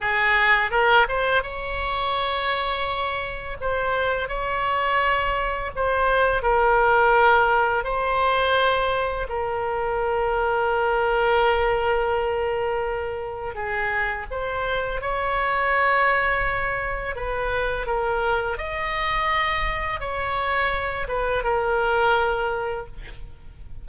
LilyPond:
\new Staff \with { instrumentName = "oboe" } { \time 4/4 \tempo 4 = 84 gis'4 ais'8 c''8 cis''2~ | cis''4 c''4 cis''2 | c''4 ais'2 c''4~ | c''4 ais'2.~ |
ais'2. gis'4 | c''4 cis''2. | b'4 ais'4 dis''2 | cis''4. b'8 ais'2 | }